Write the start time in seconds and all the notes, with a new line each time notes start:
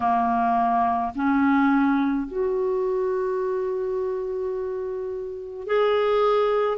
0.00 A#3
1.15 C#4
2.27 F#4
5.66 G#4